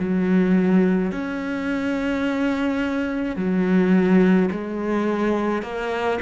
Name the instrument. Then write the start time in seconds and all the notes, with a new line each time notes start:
cello
0.00 F#3
1.12 C#4
3.37 F#3
4.52 G#3
5.63 A#3